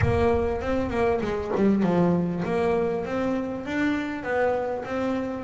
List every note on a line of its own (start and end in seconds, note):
0.01 0.61 A#3
0.61 0.90 C4
0.90 1.20 A#3
1.21 1.51 G#3
1.55 1.82 G3
1.82 2.43 F3
2.44 3.05 A#3
3.05 3.65 C4
3.65 4.23 D4
4.23 4.83 B3
4.85 5.44 C4